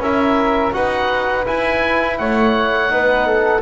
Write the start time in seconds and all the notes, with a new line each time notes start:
0.00 C#4 E4 A#4 E5
0.73 D#4 F#4 B4 F#5
1.46 E4 G#5
2.18 A3 C#5 F#5
2.90 B3 D#4 B4
3.27 A4